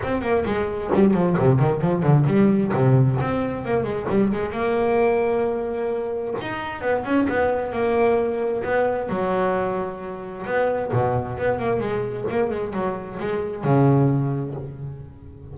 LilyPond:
\new Staff \with { instrumentName = "double bass" } { \time 4/4 \tempo 4 = 132 c'8 ais8 gis4 g8 f8 c8 dis8 | f8 d8 g4 c4 c'4 | ais8 gis8 g8 gis8 ais2~ | ais2 dis'4 b8 cis'8 |
b4 ais2 b4 | fis2. b4 | b,4 b8 ais8 gis4 ais8 gis8 | fis4 gis4 cis2 | }